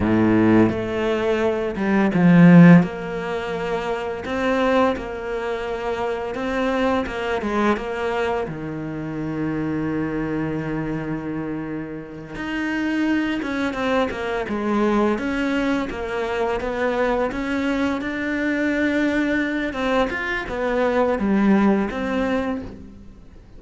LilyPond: \new Staff \with { instrumentName = "cello" } { \time 4/4 \tempo 4 = 85 a,4 a4. g8 f4 | ais2 c'4 ais4~ | ais4 c'4 ais8 gis8 ais4 | dis1~ |
dis4. dis'4. cis'8 c'8 | ais8 gis4 cis'4 ais4 b8~ | b8 cis'4 d'2~ d'8 | c'8 f'8 b4 g4 c'4 | }